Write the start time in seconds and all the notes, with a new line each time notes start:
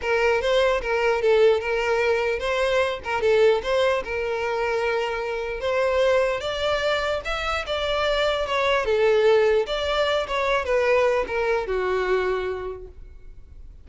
0.01 A#4
0.41 C5
0.81 A#4
1.21 A4
1.60 A#4
2.39 C5
3.03 A#4
3.21 A4
3.62 C5
4.04 A#4
5.60 C5
6.40 D5
7.24 E5
7.66 D5
8.46 C#5
8.85 A4
9.66 D5
10.27 C#5
10.64 B4
11.27 A#4
11.66 F#4